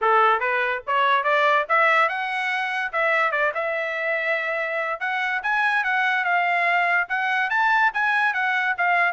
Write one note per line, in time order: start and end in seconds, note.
0.01 0.40 A4
0.40 0.81 B4
0.87 1.23 C#5
1.23 1.65 D5
1.69 2.08 E5
2.08 2.92 F#5
2.92 3.31 E5
3.31 3.52 D5
3.54 4.99 E5
4.99 5.41 F#5
5.42 5.84 G#5
5.84 6.24 F#5
6.24 7.07 F5
7.09 7.49 F#5
7.49 7.91 A5
7.93 8.33 G#5
8.33 8.75 F#5
8.77 9.12 F5